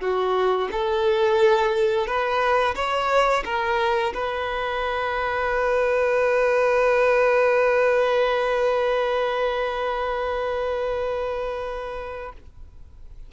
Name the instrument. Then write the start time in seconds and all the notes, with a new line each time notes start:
violin
0.00 F#4
0.71 A4
2.07 B4
2.75 C#5
3.45 A#4
4.14 B4